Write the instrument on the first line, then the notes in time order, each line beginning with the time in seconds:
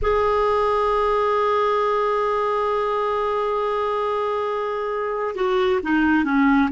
clarinet
0.02 G#4
5.35 F#4
5.83 D#4
6.24 C#4